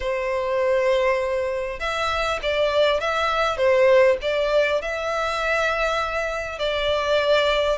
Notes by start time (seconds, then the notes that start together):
0.00 C5
1.79 E5
2.42 D5
3.00 E5
3.57 C5
4.21 D5
4.81 E5
6.58 D5